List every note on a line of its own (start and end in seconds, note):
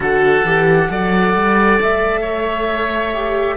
0.00 0.41 D3
0.00 0.43 F#4
0.00 0.90 A4
0.00 1.80 F#5
0.43 0.88 E3
0.43 0.89 G4
0.89 1.34 F#3
0.89 3.12 A4
0.89 2.21 D5
1.34 1.79 G3
1.81 3.57 A3
1.81 3.57 E5
2.21 3.55 C#5
3.13 3.57 G4